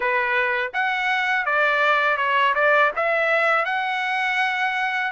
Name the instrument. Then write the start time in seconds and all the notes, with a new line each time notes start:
trumpet
0.00 B4
0.73 F#5
1.45 D5
2.17 C#5
2.54 D5
2.96 E5
3.65 F#5